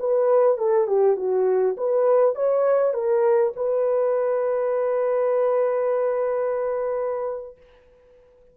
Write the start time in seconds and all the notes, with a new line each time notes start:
0.00 B4
0.58 A4
0.88 G4
1.17 F#4
1.78 B4
2.36 C#5
2.94 A#4
3.56 B4